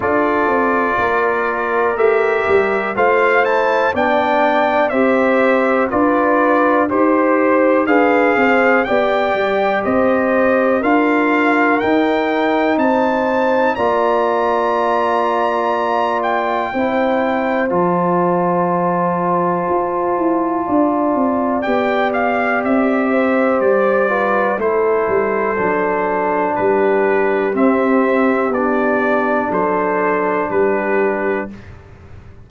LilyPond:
<<
  \new Staff \with { instrumentName = "trumpet" } { \time 4/4 \tempo 4 = 61 d''2 e''4 f''8 a''8 | g''4 e''4 d''4 c''4 | f''4 g''4 dis''4 f''4 | g''4 a''4 ais''2~ |
ais''8 g''4. a''2~ | a''2 g''8 f''8 e''4 | d''4 c''2 b'4 | e''4 d''4 c''4 b'4 | }
  \new Staff \with { instrumentName = "horn" } { \time 4/4 a'4 ais'2 c''4 | d''4 c''4 b'4 c''4 | b'8 c''8 d''4 c''4 ais'4~ | ais'4 c''4 d''2~ |
d''4 c''2.~ | c''4 d''2~ d''8 c''8~ | c''8 b'8 a'2 g'4~ | g'2 a'4 g'4 | }
  \new Staff \with { instrumentName = "trombone" } { \time 4/4 f'2 g'4 f'8 e'8 | d'4 g'4 f'4 g'4 | gis'4 g'2 f'4 | dis'2 f'2~ |
f'4 e'4 f'2~ | f'2 g'2~ | g'8 f'8 e'4 d'2 | c'4 d'2. | }
  \new Staff \with { instrumentName = "tuba" } { \time 4/4 d'8 c'8 ais4 a8 g8 a4 | b4 c'4 d'4 dis'4 | d'8 c'8 b8 g8 c'4 d'4 | dis'4 c'4 ais2~ |
ais4 c'4 f2 | f'8 e'8 d'8 c'8 b4 c'4 | g4 a8 g8 fis4 g4 | c'4 b4 fis4 g4 | }
>>